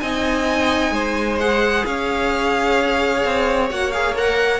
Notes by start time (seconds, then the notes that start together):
0.00 C4 D#4 D#5 G#5
0.91 G#3 C5
1.40 G#4 F#5
1.85 C#4 C#5 F5
3.24 C4
3.69 A#3 F#4 F#5
3.91 G#4 F5
4.16 A#4 F#5